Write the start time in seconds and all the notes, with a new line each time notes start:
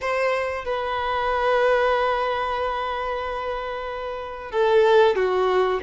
0.01 C5
0.65 B4
4.51 A4
5.15 F#4